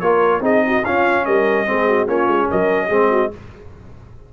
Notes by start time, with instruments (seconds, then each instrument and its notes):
0.00 tuba A#3, trombone F4, horn A#4, trumpet C#5
0.40 tuba C4, trombone D#4, horn G#4, trumpet D#5
0.67 horn F#4
0.84 tuba C#4, trombone C#4, horn F4, trumpet F5
1.25 tuba G3, horn A#4, trumpet D#5
1.66 tuba G#3, trombone C4, horn G#4
1.88 horn F#4
2.07 tuba A#3, trombone C#4, horn F4, trumpet C#5
2.27 tuba G#3
2.50 tuba F#3, horn A#4, trumpet D#5
2.87 tuba G#3, trombone C4, horn G#4
3.10 horn F#4